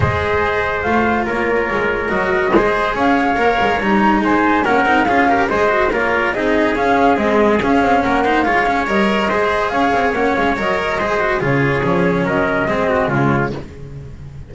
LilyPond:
<<
  \new Staff \with { instrumentName = "flute" } { \time 4/4 \tempo 4 = 142 dis''2 f''4 cis''4~ | cis''4 dis''2 f''4~ | f''4 ais''4 gis''4 fis''4 | f''4 dis''4 cis''4 dis''4 |
f''4 dis''4 f''4 fis''4 | f''4 dis''2 f''4 | fis''8 f''8 dis''2 cis''4~ | cis''4 dis''2 cis''4 | }
  \new Staff \with { instrumentName = "trumpet" } { \time 4/4 c''2. ais'4~ | ais'2 c''4 cis''4~ | cis''2 c''4 ais'4 | gis'8 ais'8 c''4 ais'4 gis'4~ |
gis'2. ais'8 c''8 | cis''2 c''4 cis''4~ | cis''2 c''4 gis'4~ | gis'4 ais'4 gis'8 fis'8 f'4 | }
  \new Staff \with { instrumentName = "cello" } { \time 4/4 gis'2 f'2~ | f'4 fis'4 gis'2 | ais'4 dis'2 cis'8 dis'8 | f'8 g'8 gis'8 fis'8 f'4 dis'4 |
cis'4 gis4 cis'4. dis'8 | f'8 cis'8 ais'4 gis'2 | cis'4 ais'4 gis'8 fis'8 f'4 | cis'2 c'4 gis4 | }
  \new Staff \with { instrumentName = "double bass" } { \time 4/4 gis2 a4 ais4 | gis4 fis4 gis4 cis'4 | ais8 gis8 g4 gis4 ais8 c'8 | cis'4 gis4 ais4 c'4 |
cis'4 c'4 cis'8 c'8 ais4 | gis4 g4 gis4 cis'8 c'8 | ais8 gis8 fis4 gis4 cis4 | f4 fis4 gis4 cis4 | }
>>